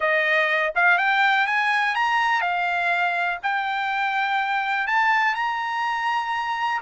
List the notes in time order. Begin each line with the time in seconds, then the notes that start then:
0.00 D#5
0.75 F5
0.98 G5
1.46 G#5
1.95 A#5
2.41 F5
3.42 G5
4.87 A5
5.34 A#5